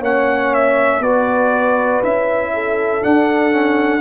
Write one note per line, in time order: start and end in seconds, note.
0.00 1.00 A#3
0.00 1.02 C#4
0.00 1.00 C#5
0.00 0.54 F#5
0.54 1.02 E5
1.00 2.00 B3
1.00 2.03 F#4
1.00 2.52 B4
1.00 2.02 D5
2.03 3.03 C#4
2.03 3.02 E4
2.03 3.04 E5
2.54 4.01 A4
3.02 3.50 D4
3.02 4.01 D4
3.02 4.01 F#5
3.50 4.00 C#4